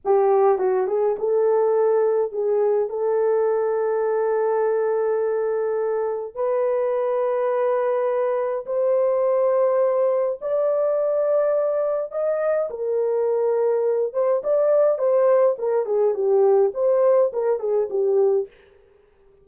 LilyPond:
\new Staff \with { instrumentName = "horn" } { \time 4/4 \tempo 4 = 104 g'4 fis'8 gis'8 a'2 | gis'4 a'2.~ | a'2. b'4~ | b'2. c''4~ |
c''2 d''2~ | d''4 dis''4 ais'2~ | ais'8 c''8 d''4 c''4 ais'8 gis'8 | g'4 c''4 ais'8 gis'8 g'4 | }